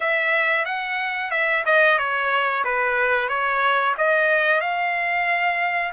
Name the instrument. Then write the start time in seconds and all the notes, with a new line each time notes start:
trumpet
0.00 E5
0.65 F#5
1.30 E5
1.65 D#5
1.98 C#5
2.64 B4
3.28 C#5
3.97 D#5
4.60 F5